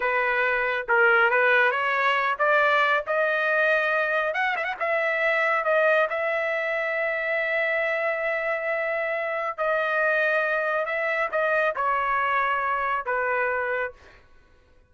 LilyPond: \new Staff \with { instrumentName = "trumpet" } { \time 4/4 \tempo 4 = 138 b'2 ais'4 b'4 | cis''4. d''4. dis''4~ | dis''2 fis''8 e''16 fis''16 e''4~ | e''4 dis''4 e''2~ |
e''1~ | e''2 dis''2~ | dis''4 e''4 dis''4 cis''4~ | cis''2 b'2 | }